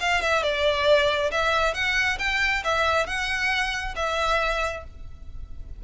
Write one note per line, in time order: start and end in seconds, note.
0.00 0.22 F5
0.22 0.43 E5
0.43 1.31 D5
1.31 1.74 E5
1.74 2.18 F#5
2.19 2.63 G5
2.64 3.07 E5
3.07 3.95 F#5
3.96 4.84 E5